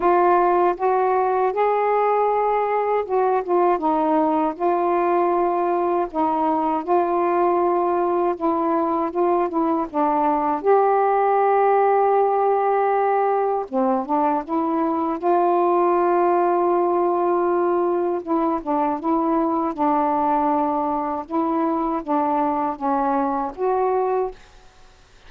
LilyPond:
\new Staff \with { instrumentName = "saxophone" } { \time 4/4 \tempo 4 = 79 f'4 fis'4 gis'2 | fis'8 f'8 dis'4 f'2 | dis'4 f'2 e'4 | f'8 e'8 d'4 g'2~ |
g'2 c'8 d'8 e'4 | f'1 | e'8 d'8 e'4 d'2 | e'4 d'4 cis'4 fis'4 | }